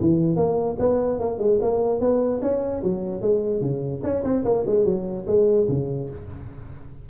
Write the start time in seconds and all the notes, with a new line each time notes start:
0.00 E3
0.36 A#3
0.79 B3
1.19 A#3
1.38 G#3
1.61 A#3
2.00 B3
2.41 C#4
2.83 F#3
3.21 G#3
3.60 C#3
4.03 C#4
4.23 C4
4.44 A#3
4.66 G#3
4.85 F#3
5.27 G#3
5.68 C#3